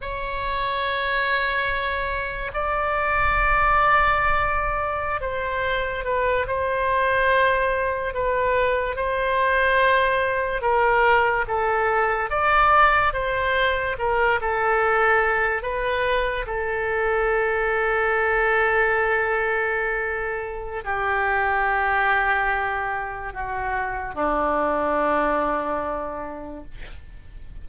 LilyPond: \new Staff \with { instrumentName = "oboe" } { \time 4/4 \tempo 4 = 72 cis''2. d''4~ | d''2~ d''16 c''4 b'8 c''16~ | c''4.~ c''16 b'4 c''4~ c''16~ | c''8. ais'4 a'4 d''4 c''16~ |
c''8. ais'8 a'4. b'4 a'16~ | a'1~ | a'4 g'2. | fis'4 d'2. | }